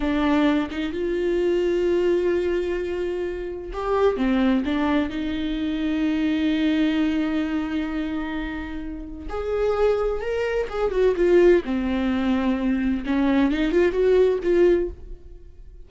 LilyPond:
\new Staff \with { instrumentName = "viola" } { \time 4/4 \tempo 4 = 129 d'4. dis'8 f'2~ | f'1 | g'4 c'4 d'4 dis'4~ | dis'1~ |
dis'1 | gis'2 ais'4 gis'8 fis'8 | f'4 c'2. | cis'4 dis'8 f'8 fis'4 f'4 | }